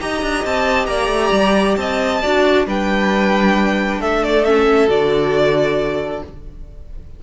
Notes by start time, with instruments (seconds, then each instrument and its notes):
0.00 cello D#4, viola G4, violin D#5 A#5
0.21 cello D4
0.44 cello C4, violin A5
0.86 cello A#3, violin D5 A#5
1.07 cello A3
1.31 cello G3
1.76 cello C4, violin D#5 A5
2.21 cello D4, viola F#4, violin D5
2.66 cello G3, viola D4, violin B4 G5
3.99 cello A3, violin A4 E5
4.23 violin D5
4.44 viola C#4, violin E5
4.87 cello D3, viola F#4, violin D5